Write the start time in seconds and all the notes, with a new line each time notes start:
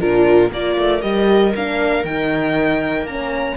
0.00 A#2 D4 F4 A#4
0.52 A#3 F4 A#4 D5
0.78 A3
1.02 G3 G4 D#5
1.56 A#3 D4 F5
2.04 D#3 D#4 G5
3.02 A#3 C#4 A#5